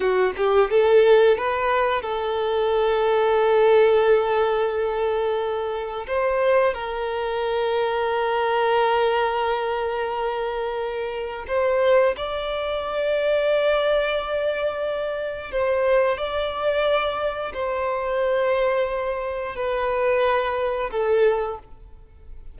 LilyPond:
\new Staff \with { instrumentName = "violin" } { \time 4/4 \tempo 4 = 89 fis'8 g'8 a'4 b'4 a'4~ | a'1~ | a'4 c''4 ais'2~ | ais'1~ |
ais'4 c''4 d''2~ | d''2. c''4 | d''2 c''2~ | c''4 b'2 a'4 | }